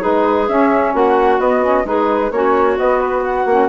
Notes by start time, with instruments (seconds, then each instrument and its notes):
0.00 bassoon G#3, saxophone D#4, clarinet G#4, flute B4
0.48 bassoon C#4, saxophone C#4, flute E5
0.93 bassoon A#3, clarinet F#4, flute F#5
1.38 bassoon B3, saxophone B3, flute D#5
1.62 saxophone C#4
1.84 bassoon G#3, saxophone D#4, clarinet G#4, flute B4
2.31 bassoon A#3, saxophone C#4, clarinet F#4, flute C#5
2.76 saxophone B3, bassoon B3, flute D#5
2.99 flute B4
3.23 flute F#5
3.45 bassoon A#3, saxophone C#4